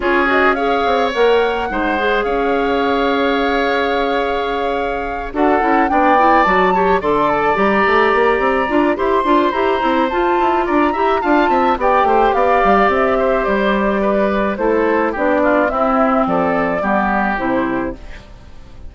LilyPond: <<
  \new Staff \with { instrumentName = "flute" } { \time 4/4 \tempo 4 = 107 cis''8 dis''8 f''4 fis''2 | f''1~ | f''4. fis''4 g''4 a''8~ | a''8 c'''8 a''8 ais''2~ ais''8 |
c'''4 ais''4 a''4 ais''4 | a''4 g''4 f''4 e''4 | d''2 c''4 d''4 | e''4 d''2 c''4 | }
  \new Staff \with { instrumentName = "oboe" } { \time 4/4 gis'4 cis''2 c''4 | cis''1~ | cis''4. a'4 d''4. | cis''8 d''2.~ d''8 |
c''2. d''8 e''8 | f''8 e''8 d''8 c''8 d''4. c''8~ | c''4 b'4 a'4 g'8 f'8 | e'4 a'4 g'2 | }
  \new Staff \with { instrumentName = "clarinet" } { \time 4/4 f'8 fis'8 gis'4 ais'4 dis'8 gis'8~ | gis'1~ | gis'4. fis'8 e'8 d'8 e'8 fis'8 | g'8 a'4 g'2 f'8 |
g'8 f'8 g'8 e'8 f'4. g'8 | f'4 g'2.~ | g'2 e'4 d'4 | c'2 b4 e'4 | }
  \new Staff \with { instrumentName = "bassoon" } { \time 4/4 cis'4. c'8 ais4 gis4 | cis'1~ | cis'4. d'8 cis'8 b4 fis8~ | fis8 d4 g8 a8 ais8 c'8 d'8 |
e'8 d'8 e'8 c'8 f'8 e'8 d'8 e'8 | d'8 c'8 b8 a8 b8 g8 c'4 | g2 a4 b4 | c'4 f4 g4 c4 | }
>>